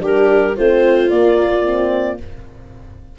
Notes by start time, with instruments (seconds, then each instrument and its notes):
0.00 tuba G3, horn D4, viola G4, clarinet A#4
0.56 tuba A3, horn C4, viola F4, clarinet C5
1.09 horn A#3, tuba A#3, clarinet D5
1.64 horn C4